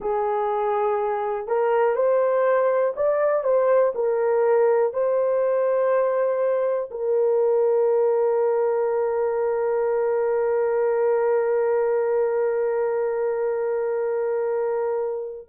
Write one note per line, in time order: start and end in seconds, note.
0.00 1.47 G#4
1.47 1.95 A#4
1.95 2.94 C5
2.96 3.43 D5
3.43 3.92 C5
3.94 4.93 A#4
4.93 6.89 C5
6.90 15.48 A#4